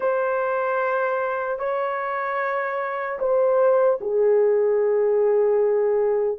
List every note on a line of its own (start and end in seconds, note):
0.00 1.59 C5
1.59 3.19 C#5
3.19 3.99 C5
4.00 6.38 G#4